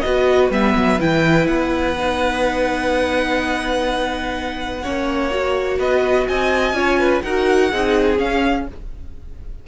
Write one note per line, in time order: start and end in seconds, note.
0.00 0.50 B3
0.00 0.52 F#4
0.00 4.82 B4
0.00 0.48 D#5
0.50 0.74 G3
0.50 0.99 B3
0.50 1.01 E5
0.75 0.99 F#3
0.99 1.46 E3
0.99 1.95 E4
0.99 1.47 G5
1.46 4.82 B3
1.46 5.79 F#5
1.98 4.84 D#4
4.82 5.78 A#3
4.82 5.30 C#4
4.82 5.78 C#5
5.30 6.74 F#4
5.78 6.26 B3
5.78 6.27 B4
5.78 6.28 D#5
6.28 6.73 C4
6.28 6.76 D#5
6.28 7.22 G#5
6.73 7.21 C#4
6.73 7.22 F4
6.73 6.99 C#5
6.99 7.23 B4
7.22 7.72 D#4
7.22 7.72 F#4
7.22 7.71 A#4
7.22 8.18 F#5
7.71 8.19 C4
7.71 8.16 D#4
7.71 8.67 G#4
8.16 8.64 C#4
8.16 8.67 C#4
8.16 8.67 F5